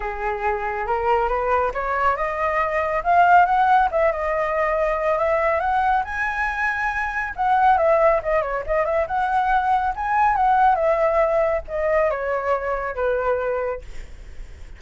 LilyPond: \new Staff \with { instrumentName = "flute" } { \time 4/4 \tempo 4 = 139 gis'2 ais'4 b'4 | cis''4 dis''2 f''4 | fis''4 e''8 dis''2~ dis''8 | e''4 fis''4 gis''2~ |
gis''4 fis''4 e''4 dis''8 cis''8 | dis''8 e''8 fis''2 gis''4 | fis''4 e''2 dis''4 | cis''2 b'2 | }